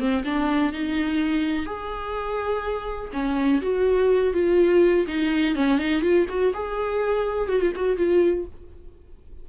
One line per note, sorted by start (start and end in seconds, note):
0.00 0.24 C4
0.25 0.73 D4
0.73 1.66 D#4
1.66 3.11 G#4
3.13 3.62 C#4
3.62 4.34 F#4
4.34 5.07 F4
5.08 5.56 D#4
5.56 5.79 C#4
5.79 6.02 D#4
6.02 6.26 F4
6.29 6.54 F#4
6.54 7.49 G#4
7.49 7.61 F#4
7.61 7.73 F4
7.76 7.98 F#4
7.98 8.46 F4